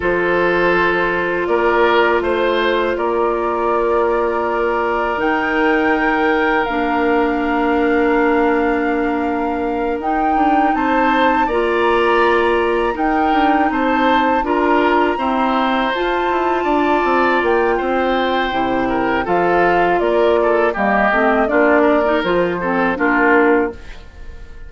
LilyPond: <<
  \new Staff \with { instrumentName = "flute" } { \time 4/4 \tempo 4 = 81 c''2 d''4 c''4 | d''2. g''4~ | g''4 f''2.~ | f''4. g''4 a''4 ais''8~ |
ais''4. g''4 a''4 ais''8~ | ais''4. a''2 g''8~ | g''2 f''4 d''4 | dis''4 d''4 c''4 ais'4 | }
  \new Staff \with { instrumentName = "oboe" } { \time 4/4 a'2 ais'4 c''4 | ais'1~ | ais'1~ | ais'2~ ais'8 c''4 d''8~ |
d''4. ais'4 c''4 ais'8~ | ais'8 c''2 d''4. | c''4. ais'8 a'4 ais'8 a'8 | g'4 f'8 ais'4 a'8 f'4 | }
  \new Staff \with { instrumentName = "clarinet" } { \time 4/4 f'1~ | f'2. dis'4~ | dis'4 d'2.~ | d'4. dis'2 f'8~ |
f'4. dis'2 f'8~ | f'8 c'4 f'2~ f'8~ | f'4 e'4 f'2 | ais8 c'8 d'8. dis'16 f'8 c'8 d'4 | }
  \new Staff \with { instrumentName = "bassoon" } { \time 4/4 f2 ais4 a4 | ais2. dis4~ | dis4 ais2.~ | ais4. dis'8 d'8 c'4 ais8~ |
ais4. dis'8 d'8 c'4 d'8~ | d'8 e'4 f'8 e'8 d'8 c'8 ais8 | c'4 c4 f4 ais4 | g8 a8 ais4 f4 ais4 | }
>>